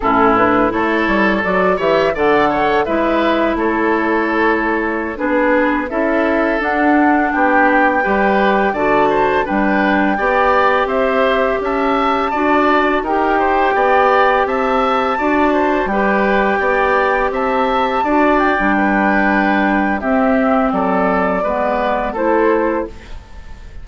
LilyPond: <<
  \new Staff \with { instrumentName = "flute" } { \time 4/4 \tempo 4 = 84 a'8 b'8 cis''4 d''8 e''8 fis''4 | e''4 cis''2~ cis''16 b'8.~ | b'16 e''4 fis''4 g''4.~ g''16~ | g''16 a''4 g''2 e''8.~ |
e''16 a''2 g''4.~ g''16~ | g''16 a''2 g''4.~ g''16~ | g''16 a''4. g''2~ g''16 | e''4 d''2 c''4 | }
  \new Staff \with { instrumentName = "oboe" } { \time 4/4 e'4 a'4. cis''8 d''8 cis''8 | b'4 a'2~ a'16 gis'8.~ | gis'16 a'2 g'4 b'8.~ | b'16 d''8 c''8 b'4 d''4 c''8.~ |
c''16 e''4 d''4 ais'8 c''8 d''8.~ | d''16 e''4 d''8 c''8 b'4 d''8.~ | d''16 e''4 d''4 b'4.~ b'16 | g'4 a'4 b'4 a'4 | }
  \new Staff \with { instrumentName = "clarinet" } { \time 4/4 cis'8 d'8 e'4 fis'8 g'8 a'4 | e'2.~ e'16 d'8.~ | d'16 e'4 d'2 g'8.~ | g'16 fis'4 d'4 g'4.~ g'16~ |
g'4~ g'16 fis'4 g'4.~ g'16~ | g'4~ g'16 fis'4 g'4.~ g'16~ | g'4~ g'16 fis'8. d'2 | c'2 b4 e'4 | }
  \new Staff \with { instrumentName = "bassoon" } { \time 4/4 a,4 a8 g8 fis8 e8 d4 | gis4 a2~ a16 b8.~ | b16 cis'4 d'4 b4 g8.~ | g16 d4 g4 b4 c'8.~ |
c'16 cis'4 d'4 dis'4 b8.~ | b16 c'4 d'4 g4 b8.~ | b16 c'4 d'8. g2 | c'4 fis4 gis4 a4 | }
>>